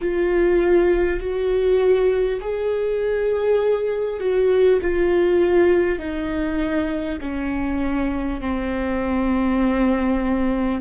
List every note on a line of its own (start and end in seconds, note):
0.01 1.19 F4
1.19 2.39 F#4
2.41 4.20 G#4
4.20 4.80 F#4
4.81 5.98 F4
5.98 7.18 D#4
7.21 8.40 C#4
8.40 10.80 C4